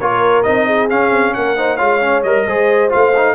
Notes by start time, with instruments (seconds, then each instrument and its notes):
0.00 tuba A#3, trombone F4, horn A#4, trumpet C#5
0.43 tuba C4, trombone D#4, trumpet D#5
0.66 horn G#4
0.90 trombone C#4, tuba C#4, trumpet F5
1.10 tuba C4
1.34 tuba A#3, horn A#4, trumpet F#5
1.57 trombone D#4, horn C5
1.76 tuba G#3, trombone F4, horn C#5, trumpet F5
2.01 trombone C#4
2.23 tuba G3, trombone A#4, trumpet D#5
2.47 tuba G#3, trombone G#4, horn C5
2.90 tuba A3, trombone F4, trumpet F5
3.17 trombone D#4